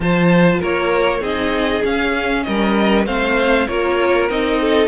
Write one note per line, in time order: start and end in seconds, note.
0.00 0.60 F3
0.00 1.21 F4
0.00 0.59 C5
0.00 0.62 A5
0.59 1.20 A#3
0.59 1.20 A#4
0.59 1.23 C#5
1.20 1.81 C4
1.20 1.82 D#4
1.20 2.43 G#4
1.20 1.84 D#5
1.84 2.45 C#4
1.84 3.06 C#4
1.84 2.43 F5
2.43 3.06 G3
2.43 3.06 A#4
2.43 3.04 D#5
3.06 3.67 A3
3.06 3.67 C4
3.06 3.67 C5
3.06 3.67 F5
3.67 4.29 A#3
3.67 4.29 F4
3.67 4.59 A#4
3.67 4.29 C#5
4.29 4.87 C4
4.29 4.87 D#4
4.29 4.87 D#5
4.60 4.87 A4